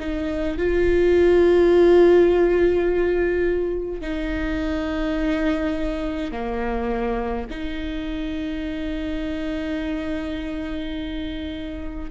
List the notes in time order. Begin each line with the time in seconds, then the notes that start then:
0.00 D#4
0.58 F4
4.02 D#4
6.32 A#3
7.51 D#4